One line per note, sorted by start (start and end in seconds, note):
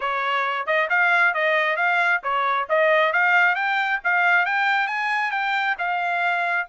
0.00 0.66 C#5
0.66 0.88 D#5
0.89 1.33 F5
1.33 1.76 D#5
1.76 2.20 F5
2.23 2.67 C#5
2.69 3.13 D#5
3.13 3.55 F5
3.55 3.99 G5
4.04 4.45 F5
4.45 4.87 G5
4.87 5.31 G#5
5.31 5.75 G5
5.78 6.67 F5